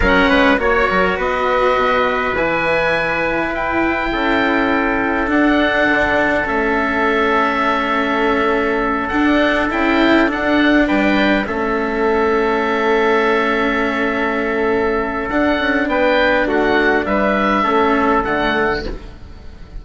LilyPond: <<
  \new Staff \with { instrumentName = "oboe" } { \time 4/4 \tempo 4 = 102 fis''4 cis''4 dis''2 | gis''2 g''2~ | g''4 fis''2 e''4~ | e''2.~ e''8 fis''8~ |
fis''8 g''4 fis''4 g''4 e''8~ | e''1~ | e''2 fis''4 g''4 | fis''4 e''2 fis''4 | }
  \new Staff \with { instrumentName = "trumpet" } { \time 4/4 ais'8 b'8 cis''8 ais'8 b'2~ | b'2. a'4~ | a'1~ | a'1~ |
a'2~ a'8 b'4 a'8~ | a'1~ | a'2. b'4 | fis'4 b'4 a'2 | }
  \new Staff \with { instrumentName = "cello" } { \time 4/4 cis'4 fis'2. | e'1~ | e'4 d'2 cis'4~ | cis'2.~ cis'8 d'8~ |
d'8 e'4 d'2 cis'8~ | cis'1~ | cis'2 d'2~ | d'2 cis'4 a4 | }
  \new Staff \with { instrumentName = "bassoon" } { \time 4/4 fis8 gis8 ais8 fis8 b4 b,4 | e2 e'4 cis'4~ | cis'4 d'4 d4 a4~ | a2.~ a8 d'8~ |
d'8 cis'4 d'4 g4 a8~ | a1~ | a2 d'8 cis'8 b4 | a4 g4 a4 d4 | }
>>